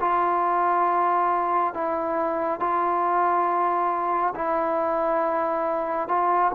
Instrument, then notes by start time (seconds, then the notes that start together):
trombone
0.00 F4
1.74 E4
2.60 F4
4.35 E4
6.08 F4